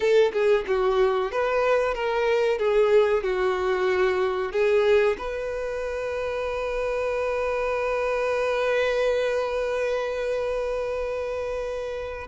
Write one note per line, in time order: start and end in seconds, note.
0.00 0.32 A4
0.32 0.65 G#4
0.67 1.31 F#4
1.31 1.94 B4
1.94 2.58 A#4
2.58 3.23 G#4
3.23 4.52 F#4
4.52 5.16 G#4
5.18 12.27 B4